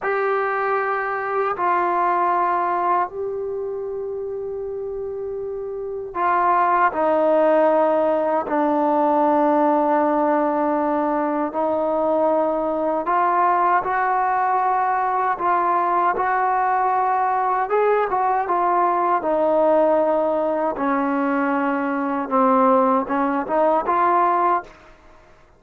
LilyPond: \new Staff \with { instrumentName = "trombone" } { \time 4/4 \tempo 4 = 78 g'2 f'2 | g'1 | f'4 dis'2 d'4~ | d'2. dis'4~ |
dis'4 f'4 fis'2 | f'4 fis'2 gis'8 fis'8 | f'4 dis'2 cis'4~ | cis'4 c'4 cis'8 dis'8 f'4 | }